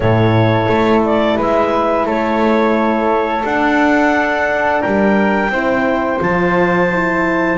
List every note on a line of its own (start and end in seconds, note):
0.00 0.67 A2
0.00 3.42 E4
0.00 1.37 A4
0.00 1.01 C#5
0.68 1.37 A3
1.04 1.39 D5
1.37 2.05 G#3
1.37 2.05 B4
1.37 2.08 E5
2.05 3.43 A3
2.05 4.81 A4
2.05 3.45 C#5
3.44 4.82 D4
3.44 5.51 D4
3.44 4.81 F#5
4.81 5.49 G3
4.81 5.50 A#4
4.81 6.19 G5
5.49 6.18 C4
5.49 6.18 E4
5.49 7.58 C5
6.18 7.58 F3
6.18 6.87 F4
6.18 7.58 A5
6.92 7.58 E4